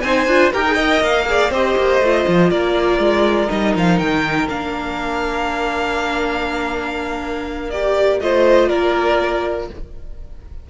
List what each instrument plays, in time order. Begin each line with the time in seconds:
0.00 cello C4, viola D#4, violin C5 G#5
0.27 cello D4, viola F4
0.52 cello D#4, viola G4, violin A#4 G5
0.66 viola G#4
0.74 viola A#4, violin D#5
1.01 cello A#3, violin F5
1.26 viola G#4, violin D5
1.50 cello C4, viola G4, violin C5 D#5
1.77 cello A#3
2.00 cello A3, viola F4
2.28 cello F3
2.50 cello A#3, violin A#4 D5
2.99 cello G#3
3.48 cello G3, viola D#4, violin D#5
3.76 cello F3, violin F5
3.98 cello D#3, violin G5
4.48 cello A#3, viola D4, violin F5
7.70 viola G4, violin D5
8.20 cello A3, viola F4, violin C5 D#5
8.69 cello A#3, violin A#4 D5